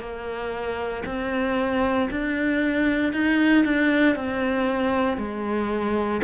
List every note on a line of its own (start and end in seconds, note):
0.00 1.03 A#3
1.06 2.09 C4
2.11 3.13 D4
3.13 3.65 D#4
3.65 4.16 D4
4.16 5.18 C4
5.18 6.22 G#3